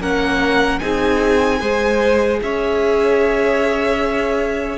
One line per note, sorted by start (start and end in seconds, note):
0.00 0.80 A#3
0.00 0.81 C#4
0.00 0.81 A#4
0.00 0.79 F#5
0.79 1.61 C4
0.79 1.61 D#4
0.79 1.60 G#4
0.79 2.39 G#5
1.60 2.41 G#3
1.60 4.78 G#4
1.60 2.40 C5
2.43 4.78 C#4
2.43 4.78 C#5
2.43 4.78 E5